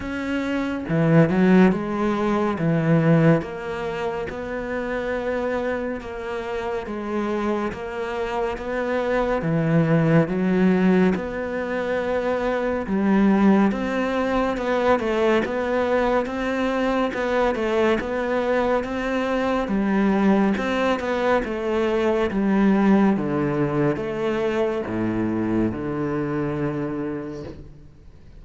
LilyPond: \new Staff \with { instrumentName = "cello" } { \time 4/4 \tempo 4 = 70 cis'4 e8 fis8 gis4 e4 | ais4 b2 ais4 | gis4 ais4 b4 e4 | fis4 b2 g4 |
c'4 b8 a8 b4 c'4 | b8 a8 b4 c'4 g4 | c'8 b8 a4 g4 d4 | a4 a,4 d2 | }